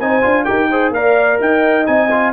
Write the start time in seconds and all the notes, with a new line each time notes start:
0.00 C4 D#4 C5 G#5
0.22 D4 F4
0.45 D#4 G4 A#4 G5
0.71 G#4 C5
0.91 A#3 A#4 D5 F5
1.40 D#4 D#5 G5
1.86 C4 D#4 G#5
2.11 F4